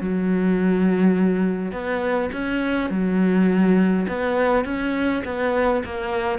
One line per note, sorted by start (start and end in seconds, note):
0.00 1.72 F#3
1.72 2.30 B3
2.32 2.90 C#4
2.90 4.06 F#3
4.08 4.64 B3
4.64 5.23 C#4
5.25 5.83 B3
5.85 6.39 A#3